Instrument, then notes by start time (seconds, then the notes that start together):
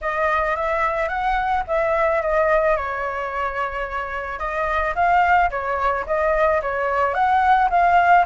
flute
0.01 D#5
0.56 E5
1.08 F#5
1.67 E5
2.22 D#5
2.76 C#5
4.39 D#5
4.95 F5
5.50 C#5
6.06 D#5
6.62 C#5
7.14 F#5
7.70 F5